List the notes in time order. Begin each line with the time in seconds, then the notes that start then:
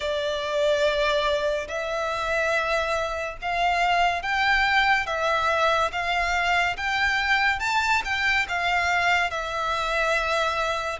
0.00 D5
1.68 E5
3.41 F5
4.22 G5
5.06 E5
5.92 F5
6.76 G5
7.59 A5
8.04 G5
8.48 F5
9.30 E5